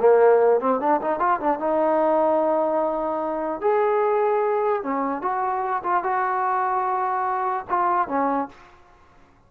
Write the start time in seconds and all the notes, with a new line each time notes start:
0.00 A#3
0.60 C4
0.80 D4
1.02 D#4
1.19 F4
1.40 D4
1.59 D#4
3.61 G#4
4.83 C#4
5.22 F#4
5.83 F4
6.04 F#4
7.70 F4
8.08 C#4